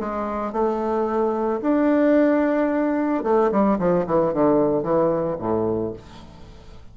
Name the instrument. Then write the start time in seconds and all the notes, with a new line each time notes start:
bassoon
0.00 G#3
0.53 A3
1.62 D4
3.24 A3
3.52 G3
3.79 F3
4.07 E3
4.34 D3
4.83 E3
5.39 A2